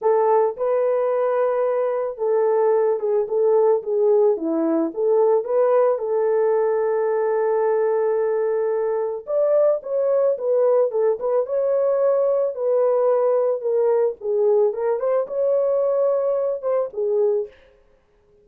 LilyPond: \new Staff \with { instrumentName = "horn" } { \time 4/4 \tempo 4 = 110 a'4 b'2. | a'4. gis'8 a'4 gis'4 | e'4 a'4 b'4 a'4~ | a'1~ |
a'4 d''4 cis''4 b'4 | a'8 b'8 cis''2 b'4~ | b'4 ais'4 gis'4 ais'8 c''8 | cis''2~ cis''8 c''8 gis'4 | }